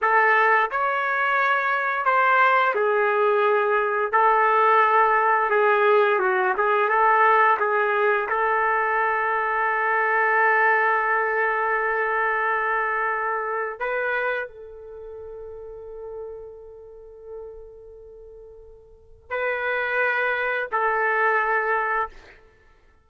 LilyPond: \new Staff \with { instrumentName = "trumpet" } { \time 4/4 \tempo 4 = 87 a'4 cis''2 c''4 | gis'2 a'2 | gis'4 fis'8 gis'8 a'4 gis'4 | a'1~ |
a'1 | b'4 a'2.~ | a'1 | b'2 a'2 | }